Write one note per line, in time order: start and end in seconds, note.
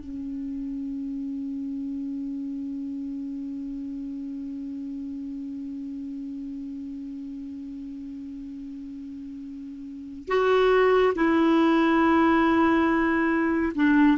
0.00 10.28 C#4
10.28 11.14 F#4
11.16 13.73 E4
13.76 14.18 D4